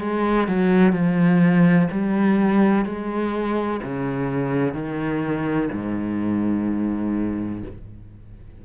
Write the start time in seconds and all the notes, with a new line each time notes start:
0.00 G#3
0.48 F#3
0.93 F3
1.91 G3
2.85 G#3
3.83 C#3
4.74 D#3
5.72 G#2